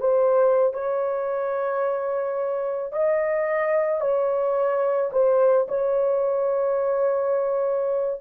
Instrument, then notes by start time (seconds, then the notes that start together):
horn
0.00 C5
0.73 C#5
2.92 D#5
4.01 C#5
5.12 C5
5.68 C#5